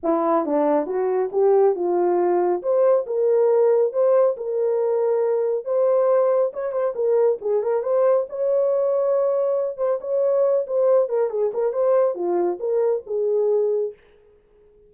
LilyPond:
\new Staff \with { instrumentName = "horn" } { \time 4/4 \tempo 4 = 138 e'4 d'4 fis'4 g'4 | f'2 c''4 ais'4~ | ais'4 c''4 ais'2~ | ais'4 c''2 cis''8 c''8 |
ais'4 gis'8 ais'8 c''4 cis''4~ | cis''2~ cis''8 c''8 cis''4~ | cis''8 c''4 ais'8 gis'8 ais'8 c''4 | f'4 ais'4 gis'2 | }